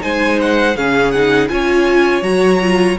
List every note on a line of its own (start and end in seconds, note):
0.00 0.76 G#3
0.00 0.74 D#4
0.00 0.77 C5
0.00 0.39 G#5
0.41 0.77 F#5
0.76 1.50 C#3
0.76 1.14 C#4
0.76 1.51 G#4
0.76 1.11 F5
1.11 1.49 D#4
1.11 1.48 F#5
1.49 2.22 C#4
1.49 2.23 F4
1.49 2.99 C#5
1.49 2.23 G#5
2.22 2.96 F#3
2.22 2.60 F#4
2.22 2.97 A#5
2.61 2.98 F4